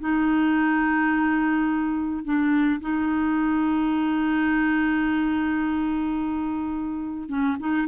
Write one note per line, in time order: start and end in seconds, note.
0.00 2.24 D#4
2.24 2.80 D4
2.81 7.29 D#4
7.29 7.57 C#4
7.60 7.88 D#4